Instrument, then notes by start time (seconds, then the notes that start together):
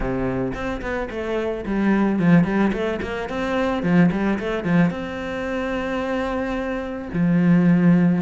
cello
0.00 C3
0.54 C4
0.81 B3
1.10 A3
1.65 G3
2.19 F3
2.44 G3
2.72 A3
3.01 A#3
3.29 C4
3.83 F3
4.11 G3
4.39 A3
4.64 F3
4.90 C4
7.13 F3